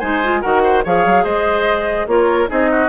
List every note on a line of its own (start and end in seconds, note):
0.00 0.44 G#3
0.00 0.23 D#4
0.00 0.41 C5
0.00 0.42 G#5
0.24 0.43 F4
0.42 0.86 D#3
0.42 0.84 F#4
0.42 0.62 A#4
0.42 0.83 F#5
0.64 0.85 C5
0.85 1.06 F3
0.85 2.09 G#4
0.85 1.24 C#5
0.85 1.25 F5
1.06 1.25 F#3
1.24 2.07 G#3
1.24 2.07 C5
1.24 2.08 D#5
2.07 2.49 A#3
2.07 2.48 F4
2.07 2.50 A#4
2.07 2.50 C#5
2.48 2.89 C4
2.48 2.89 D#4
2.48 2.71 G#4
2.48 2.89 D#5
2.72 2.89 F#4